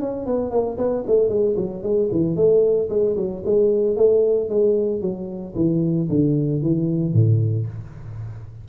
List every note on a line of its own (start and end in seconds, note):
0.00 0.26 C#4
0.26 0.51 B3
0.51 0.77 A#3
0.78 1.04 B3
1.07 1.29 A3
1.29 1.56 G#3
1.56 1.83 F#3
1.83 2.09 G#3
2.12 2.36 E3
2.36 2.89 A3
2.90 3.16 G#3
3.16 3.43 F#3
3.46 3.97 G#3
3.97 4.50 A3
4.50 5.01 G#3
5.01 5.54 F#3
5.55 6.08 E3
6.10 6.62 D3
6.62 7.13 E3
7.13 7.67 A2